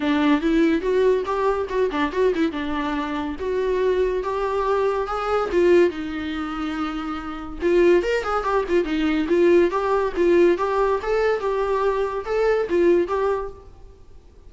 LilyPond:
\new Staff \with { instrumentName = "viola" } { \time 4/4 \tempo 4 = 142 d'4 e'4 fis'4 g'4 | fis'8 d'8 fis'8 e'8 d'2 | fis'2 g'2 | gis'4 f'4 dis'2~ |
dis'2 f'4 ais'8 gis'8 | g'8 f'8 dis'4 f'4 g'4 | f'4 g'4 a'4 g'4~ | g'4 a'4 f'4 g'4 | }